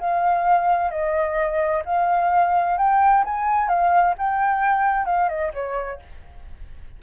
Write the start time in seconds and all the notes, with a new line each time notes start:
0.00 F5
0.91 D#5
1.86 F5
2.78 G5
3.25 G#5
3.69 F5
4.19 G5
5.06 F5
5.29 D#5
5.54 C#5